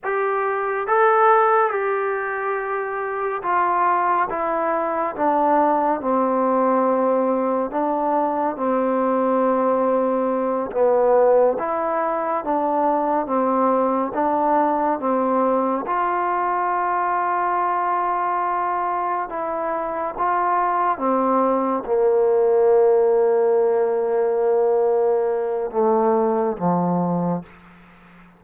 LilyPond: \new Staff \with { instrumentName = "trombone" } { \time 4/4 \tempo 4 = 70 g'4 a'4 g'2 | f'4 e'4 d'4 c'4~ | c'4 d'4 c'2~ | c'8 b4 e'4 d'4 c'8~ |
c'8 d'4 c'4 f'4.~ | f'2~ f'8 e'4 f'8~ | f'8 c'4 ais2~ ais8~ | ais2 a4 f4 | }